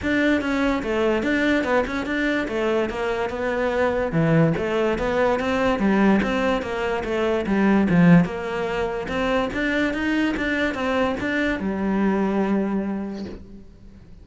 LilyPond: \new Staff \with { instrumentName = "cello" } { \time 4/4 \tempo 4 = 145 d'4 cis'4 a4 d'4 | b8 cis'8 d'4 a4 ais4 | b2 e4 a4 | b4 c'4 g4 c'4 |
ais4 a4 g4 f4 | ais2 c'4 d'4 | dis'4 d'4 c'4 d'4 | g1 | }